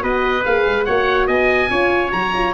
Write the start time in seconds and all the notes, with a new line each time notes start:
0.00 B3 F#4 B4 D#5
0.44 A#3 G#4 F5
0.67 G#3
0.85 A#3 F#4 C#5 F#5
1.27 B3 D#5 G#5
1.70 C#4 F4 C#5
2.10 F#3 F#4 A#5
2.34 F4